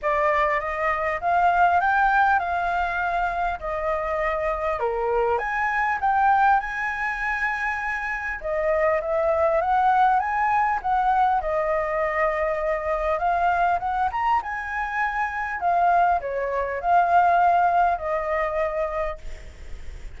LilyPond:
\new Staff \with { instrumentName = "flute" } { \time 4/4 \tempo 4 = 100 d''4 dis''4 f''4 g''4 | f''2 dis''2 | ais'4 gis''4 g''4 gis''4~ | gis''2 dis''4 e''4 |
fis''4 gis''4 fis''4 dis''4~ | dis''2 f''4 fis''8 ais''8 | gis''2 f''4 cis''4 | f''2 dis''2 | }